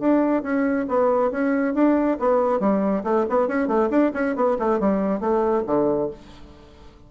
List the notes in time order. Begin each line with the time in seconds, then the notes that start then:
0.00 D4
0.42 C#4
0.88 B3
1.31 C#4
1.74 D4
2.19 B3
2.60 G3
3.04 A3
3.29 B3
3.48 C#4
3.68 A3
3.90 D4
4.14 C#4
4.36 B3
4.59 A3
4.80 G3
5.20 A3
5.67 D3